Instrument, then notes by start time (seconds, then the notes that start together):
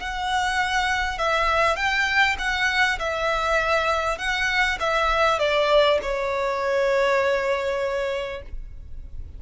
violin
0.00 F#5
1.18 E5
1.77 G5
2.39 F#5
2.99 E5
4.18 F#5
4.80 E5
5.39 D5
6.02 C#5